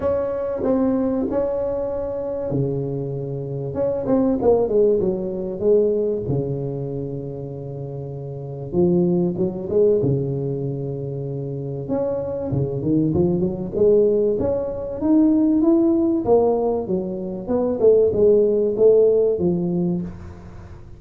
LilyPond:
\new Staff \with { instrumentName = "tuba" } { \time 4/4 \tempo 4 = 96 cis'4 c'4 cis'2 | cis2 cis'8 c'8 ais8 gis8 | fis4 gis4 cis2~ | cis2 f4 fis8 gis8 |
cis2. cis'4 | cis8 dis8 f8 fis8 gis4 cis'4 | dis'4 e'4 ais4 fis4 | b8 a8 gis4 a4 f4 | }